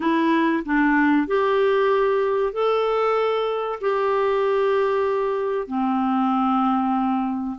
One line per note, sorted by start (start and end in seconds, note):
0.00 0.63 E4
0.65 1.27 D4
1.27 2.52 G4
2.52 3.79 A4
3.81 5.67 G4
5.67 7.56 C4